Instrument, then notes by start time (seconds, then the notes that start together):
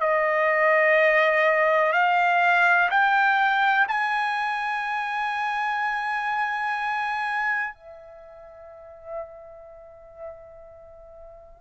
trumpet
0.00 D#5
1.93 F5
2.90 G5
3.88 G#5
7.74 E5